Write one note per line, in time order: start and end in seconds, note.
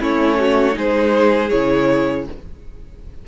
0.00 0.76 A3
0.00 0.72 C#4
0.00 0.38 E4
0.00 0.78 C#5
0.39 0.76 F#4
0.72 1.52 G#3
0.72 1.47 D#4
0.72 2.26 G#4
0.72 1.50 C5
1.50 2.27 C#3
1.50 2.27 E4
1.50 2.25 C#5